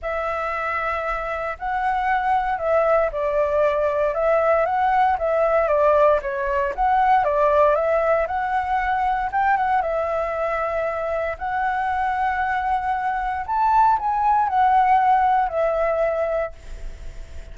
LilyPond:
\new Staff \with { instrumentName = "flute" } { \time 4/4 \tempo 4 = 116 e''2. fis''4~ | fis''4 e''4 d''2 | e''4 fis''4 e''4 d''4 | cis''4 fis''4 d''4 e''4 |
fis''2 g''8 fis''8 e''4~ | e''2 fis''2~ | fis''2 a''4 gis''4 | fis''2 e''2 | }